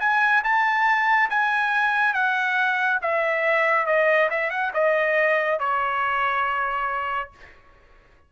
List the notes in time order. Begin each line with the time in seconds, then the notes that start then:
0.00 G#5
0.44 A5
1.30 G#5
2.14 F#5
3.02 E5
3.86 D#5
4.31 E5
4.50 F#5
4.74 D#5
5.59 C#5